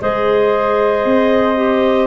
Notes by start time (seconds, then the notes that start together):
0.00 G#3 G#4 C5 D#5
1.05 C4
1.56 G4